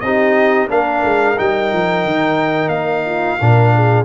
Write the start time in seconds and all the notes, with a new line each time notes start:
0.00 C4 D#4 G4 D#5
0.69 A#3 D4 A#4 F5
1.04 G#3
1.37 G3 D#4 G5
1.72 F3
2.04 D#3
2.68 A#3 F5
3.05 F4
3.40 A#2 D4 A#4
3.74 G#4